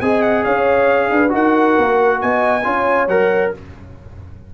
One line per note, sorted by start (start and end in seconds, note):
0.00 0.45 C4
0.00 1.29 G#4
0.00 0.44 D#5
0.00 0.21 G#5
0.21 0.43 F#5
0.44 1.10 C#4
0.44 1.10 C#5
0.44 1.32 F5
1.10 1.32 D4
1.10 1.33 B4
1.29 1.77 D#4
1.29 2.61 F#4
1.29 2.21 A#4
1.29 2.21 F#5
1.78 2.22 A#3
2.21 2.65 B3
2.21 2.64 D#5
2.21 3.08 G#5
2.64 3.07 C#4
2.64 3.08 F4
2.64 3.52 C#5
3.07 3.52 F#3
3.07 3.54 A#4
3.07 3.52 F#5